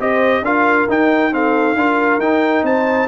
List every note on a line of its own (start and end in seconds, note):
0.00 0.42 C4
0.00 0.44 G4
0.00 0.44 C5
0.00 0.45 D#5
0.42 0.86 D4
0.42 0.89 F4
0.42 1.34 A#4
0.42 0.89 F5
0.89 1.32 D#4
0.89 1.76 D#4
0.89 1.34 G5
1.32 1.76 C4
1.32 1.78 A4
1.32 2.20 F5
1.76 2.19 D4
1.76 2.21 F4
1.76 2.65 A#4
2.19 2.63 D#4
2.19 3.09 D#4
2.19 2.65 G5
2.63 3.07 C4
2.63 3.09 C5
2.63 3.09 A5